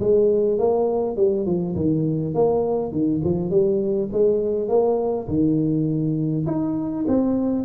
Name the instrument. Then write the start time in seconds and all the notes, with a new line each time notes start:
tuba
0.00 G#3
0.59 A#3
1.17 G3
1.46 F3
1.75 D#3
2.34 A#3
2.92 D#3
3.24 F3
3.50 G3
4.12 G#3
4.68 A#3
5.28 D#3
6.47 D#4
7.07 C4